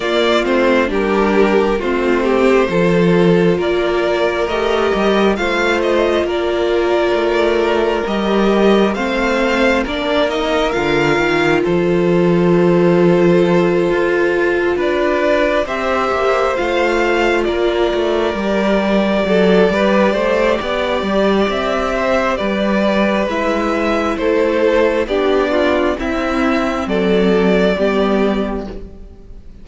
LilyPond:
<<
  \new Staff \with { instrumentName = "violin" } { \time 4/4 \tempo 4 = 67 d''8 c''8 ais'4 c''2 | d''4 dis''4 f''8 dis''8 d''4~ | d''4 dis''4 f''4 d''8 dis''8 | f''4 c''2.~ |
c''8 d''4 e''4 f''4 d''8~ | d''1 | e''4 d''4 e''4 c''4 | d''4 e''4 d''2 | }
  \new Staff \with { instrumentName = "violin" } { \time 4/4 f'4 g'4 f'8 g'8 a'4 | ais'2 c''4 ais'4~ | ais'2 c''4 ais'4~ | ais'4 a'2.~ |
a'8 b'4 c''2 ais'8~ | ais'4. a'8 b'8 c''8 d''4~ | d''8 c''8 b'2 a'4 | g'8 f'8 e'4 a'4 g'4 | }
  \new Staff \with { instrumentName = "viola" } { \time 4/4 ais8 c'8 d'4 c'4 f'4~ | f'4 g'4 f'2~ | f'4 g'4 c'4 d'8 dis'8 | f'1~ |
f'4. g'4 f'4.~ | f'8 g'2.~ g'8~ | g'2 e'2 | d'4 c'2 b4 | }
  \new Staff \with { instrumentName = "cello" } { \time 4/4 ais8 a8 g4 a4 f4 | ais4 a8 g8 a4 ais4 | a4 g4 a4 ais4 | d8 dis8 f2~ f8 f'8~ |
f'8 d'4 c'8 ais8 a4 ais8 | a8 g4 fis8 g8 a8 b8 g8 | c'4 g4 gis4 a4 | b4 c'4 fis4 g4 | }
>>